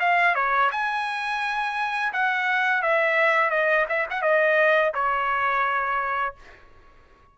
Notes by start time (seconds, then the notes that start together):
0.00 F5
0.35 C#5
0.72 G#5
2.13 F#5
2.82 E5
3.50 D#5
3.89 E5
4.10 F#5
4.22 D#5
4.94 C#5